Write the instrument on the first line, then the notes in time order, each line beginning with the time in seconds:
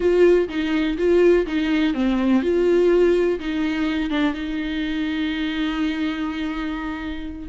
viola
0.00 F4
0.48 D#4
0.97 F4
1.46 D#4
1.94 C4
2.42 F4
3.39 D#4
4.10 D4
4.34 D#4